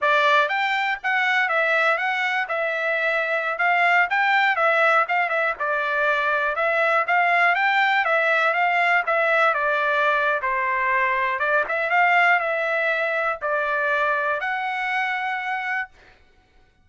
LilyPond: \new Staff \with { instrumentName = "trumpet" } { \time 4/4 \tempo 4 = 121 d''4 g''4 fis''4 e''4 | fis''4 e''2~ e''16 f''8.~ | f''16 g''4 e''4 f''8 e''8 d''8.~ | d''4~ d''16 e''4 f''4 g''8.~ |
g''16 e''4 f''4 e''4 d''8.~ | d''4 c''2 d''8 e''8 | f''4 e''2 d''4~ | d''4 fis''2. | }